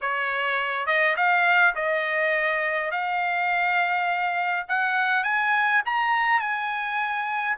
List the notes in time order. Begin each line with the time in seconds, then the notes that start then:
0.01 C#5
0.86 D#5
1.16 F5
1.75 D#5
2.91 F5
4.68 F#5
5.23 G#5
5.85 A#5
6.39 G#5